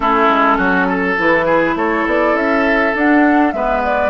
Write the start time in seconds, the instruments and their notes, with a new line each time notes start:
0.00 bassoon A3, clarinet C#4, oboe E4, flute A4
0.28 bassoon G#3
0.57 bassoon F#3, oboe F#4
0.88 oboe A4
1.17 bassoon E3, clarinet E4, flute B4
1.45 oboe G#4
1.75 bassoon A3, oboe A4, flute C#5
2.06 bassoon B3, flute D5
2.33 bassoon C#4, flute E5
2.94 bassoon D4, clarinet D4, flute F#5
3.51 bassoon G#3, clarinet B3, oboe B4, flute E5
3.84 flute D5